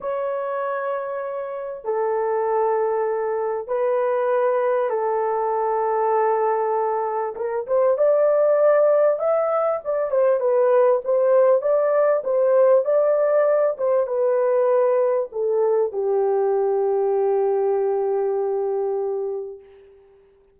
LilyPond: \new Staff \with { instrumentName = "horn" } { \time 4/4 \tempo 4 = 98 cis''2. a'4~ | a'2 b'2 | a'1 | ais'8 c''8 d''2 e''4 |
d''8 c''8 b'4 c''4 d''4 | c''4 d''4. c''8 b'4~ | b'4 a'4 g'2~ | g'1 | }